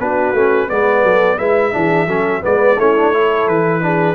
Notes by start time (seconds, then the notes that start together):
0.00 B3 D4 F#4 B4
0.33 A3 C#4
0.69 G#3 B3 B4 D5
1.03 F#3 A4
1.37 G#3 E4 B4 E5
1.72 E3 D4 G#4
2.07 F#3 C#4 A4
2.41 G#3 B3 B4 D5
2.78 A3 C#4 E4 C#5
2.96 D4
3.13 E4 A4
3.47 E3 B4
3.81 D4 G#4